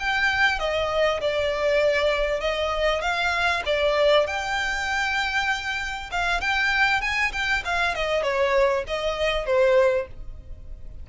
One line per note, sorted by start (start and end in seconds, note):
0.00 0.60 G5
0.60 1.21 D#5
1.21 2.41 D5
2.41 3.02 D#5
3.02 3.63 F5
3.66 4.27 D5
4.27 6.11 G5
6.11 6.41 F5
6.41 7.02 G5
7.02 7.32 G#5
7.33 7.63 G5
7.65 7.95 F5
7.95 8.23 D#5
8.23 8.84 C#5
8.88 9.46 D#5
9.46 10.07 C5